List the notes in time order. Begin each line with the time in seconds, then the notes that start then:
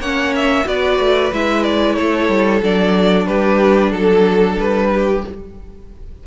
0.00 A#3 C#4 C#5 F#5
0.36 E5
0.65 B3 F#4 B4 D5
1.00 A3
1.33 G#3 E4 E5
1.64 D5
1.96 A3 A4 C#5
2.29 G3
2.62 F#3 D4 D5
3.27 G3 G4 B4
3.91 F#3 A4
4.59 G3 B4
4.94 G4